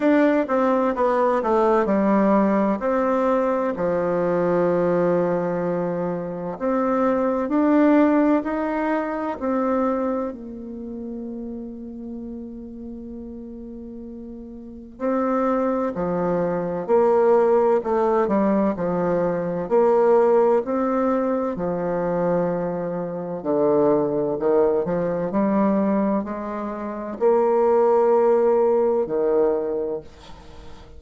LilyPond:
\new Staff \with { instrumentName = "bassoon" } { \time 4/4 \tempo 4 = 64 d'8 c'8 b8 a8 g4 c'4 | f2. c'4 | d'4 dis'4 c'4 ais4~ | ais1 |
c'4 f4 ais4 a8 g8 | f4 ais4 c'4 f4~ | f4 d4 dis8 f8 g4 | gis4 ais2 dis4 | }